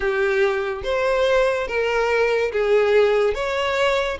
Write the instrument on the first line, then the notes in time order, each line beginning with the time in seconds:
violin
0.00 G4
0.83 C5
1.67 A#4
2.52 G#4
3.34 C#5